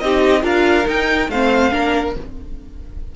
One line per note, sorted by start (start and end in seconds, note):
0.00 0.44 C4
0.00 0.42 D#4
0.00 0.43 G4
0.00 0.43 D#5
0.42 0.86 D4
0.42 0.85 F4
0.42 1.28 A#4
0.42 0.88 F5
0.85 1.27 D#4
0.85 1.30 D#4
0.85 1.31 G5
1.30 1.72 A3
1.30 1.71 C4
1.30 1.73 C5
1.30 2.16 F5
1.71 2.16 A#3
1.71 2.14 D4
1.71 2.16 A#4